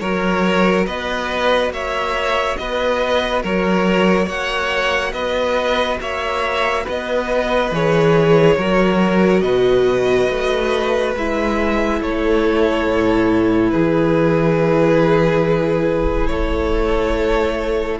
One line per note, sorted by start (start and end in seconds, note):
0.00 0.87 F#3
0.00 7.73 F#4
0.00 0.87 A#4
0.00 0.86 C#5
0.87 1.70 B3
0.87 1.72 B4
0.87 1.72 D#5
1.70 2.56 A#3
1.70 2.59 C#5
1.70 2.57 E5
2.57 3.44 B3
2.57 3.43 B4
2.57 3.43 D#5
3.43 4.27 F#3
3.43 4.26 A#4
3.43 4.29 C#5
4.26 5.13 A#3
4.26 5.11 C#5
4.26 5.13 F#5
5.13 5.99 B3
5.13 6.01 B4
5.13 5.98 D#5
6.00 6.86 A#3
6.00 6.84 C#5
6.00 6.87 E5
6.84 7.71 B3
6.84 8.55 B4
6.84 7.75 D#5
7.71 8.57 E3
7.71 8.59 G#4
7.71 9.41 C#5
8.57 9.42 F#3
8.57 11.16 F#4
8.57 9.43 A#4
9.41 10.28 B2
9.41 12.00 B4
9.41 11.12 D#5
10.31 11.16 A3
11.16 12.01 G#3
11.16 18.00 E4
11.16 12.02 E5
12.02 12.87 A3
12.02 13.72 A4
12.02 13.70 C#5
12.87 13.73 A2
13.70 16.29 E3
13.70 16.30 G#4
13.70 16.27 B4
16.27 18.00 A3
16.27 18.00 A4
16.27 17.99 C#5